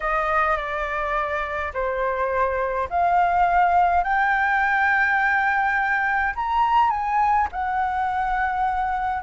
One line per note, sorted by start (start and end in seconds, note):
0.00 0.56 D#5
0.56 1.72 D5
1.73 2.88 C5
2.89 4.03 F5
4.03 6.34 G5
6.35 6.90 A#5
6.90 7.47 G#5
7.52 9.22 F#5